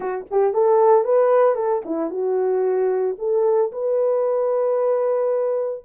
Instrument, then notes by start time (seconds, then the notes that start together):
horn
0.00 F#4
0.30 G4
0.53 A4
1.04 B4
1.55 A4
1.85 E4
2.10 F#4
3.18 A4
3.72 B4